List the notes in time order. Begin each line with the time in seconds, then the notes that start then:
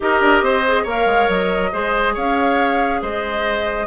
0.00 D#4 G4 A#4 D#5
0.20 D4
0.41 C4 C5
0.66 G#4
0.83 A#3 A#4 C#5 F5
1.05 G#3
1.28 F#3 D#5
1.72 G#3 G#4 C5
2.14 C#4 C#5 F5
3.02 G#3 C5 D#5